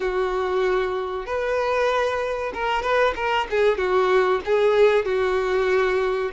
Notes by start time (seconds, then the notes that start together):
0.00 F#4
1.25 B4
2.54 A#4
2.82 B4
3.16 A#4
3.50 G#4
3.77 F#4
4.45 G#4
5.05 F#4